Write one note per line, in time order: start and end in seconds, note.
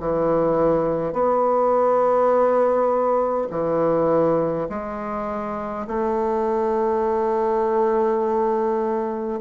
0.00 1.13 E3
1.13 3.49 B3
3.51 4.68 E3
4.70 5.87 G#3
5.88 9.41 A3